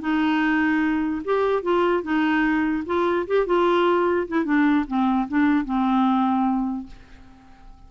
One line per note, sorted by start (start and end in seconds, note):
0.00 1.22 D#4
1.24 1.62 G4
1.62 2.03 F4
2.03 2.84 D#4
2.85 3.26 F4
3.27 3.46 G4
3.46 4.27 F4
4.28 4.44 E4
4.44 4.85 D4
4.87 5.28 C4
5.28 5.65 D4
5.65 6.86 C4